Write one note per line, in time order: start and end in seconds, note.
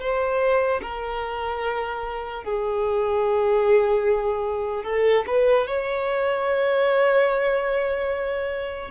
0.00 0.81 C5
0.82 2.44 A#4
2.44 4.85 G#4
4.85 5.25 A4
5.27 5.67 B4
5.67 8.91 C#5